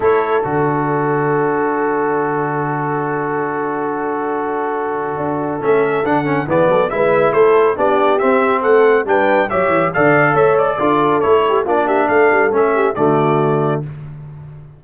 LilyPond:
<<
  \new Staff \with { instrumentName = "trumpet" } { \time 4/4 \tempo 4 = 139 cis''4 d''2.~ | d''1~ | d''1~ | d''4 e''4 fis''4 d''4 |
e''4 c''4 d''4 e''4 | fis''4 g''4 e''4 f''4 | e''8 d''4. cis''4 d''8 e''8 | f''4 e''4 d''2 | }
  \new Staff \with { instrumentName = "horn" } { \time 4/4 a'1~ | a'1~ | a'1~ | a'2. gis'8 a'8 |
b'4 a'4 g'2 | a'4 b'4 cis''4 d''4 | cis''4 a'4. g'8 f'8 g'8 | a'4. g'8 fis'2 | }
  \new Staff \with { instrumentName = "trombone" } { \time 4/4 e'4 fis'2.~ | fis'1~ | fis'1~ | fis'4 cis'4 d'8 cis'8 b4 |
e'2 d'4 c'4~ | c'4 d'4 g'4 a'4~ | a'4 f'4 e'4 d'4~ | d'4 cis'4 a2 | }
  \new Staff \with { instrumentName = "tuba" } { \time 4/4 a4 d2.~ | d1~ | d1 | d'4 a4 d4 e8 fis8 |
gis4 a4 b4 c'4 | a4 g4 fis8 e8 d4 | a4 d'4 a4 ais4 | a8 g8 a4 d2 | }
>>